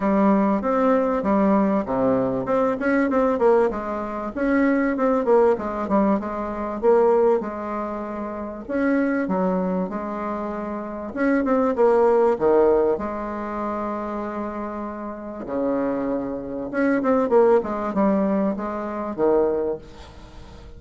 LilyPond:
\new Staff \with { instrumentName = "bassoon" } { \time 4/4 \tempo 4 = 97 g4 c'4 g4 c4 | c'8 cis'8 c'8 ais8 gis4 cis'4 | c'8 ais8 gis8 g8 gis4 ais4 | gis2 cis'4 fis4 |
gis2 cis'8 c'8 ais4 | dis4 gis2.~ | gis4 cis2 cis'8 c'8 | ais8 gis8 g4 gis4 dis4 | }